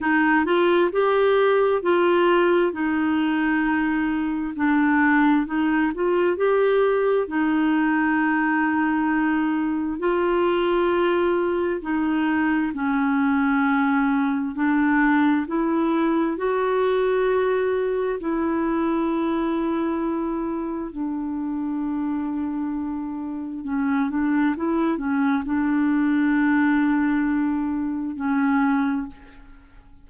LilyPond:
\new Staff \with { instrumentName = "clarinet" } { \time 4/4 \tempo 4 = 66 dis'8 f'8 g'4 f'4 dis'4~ | dis'4 d'4 dis'8 f'8 g'4 | dis'2. f'4~ | f'4 dis'4 cis'2 |
d'4 e'4 fis'2 | e'2. d'4~ | d'2 cis'8 d'8 e'8 cis'8 | d'2. cis'4 | }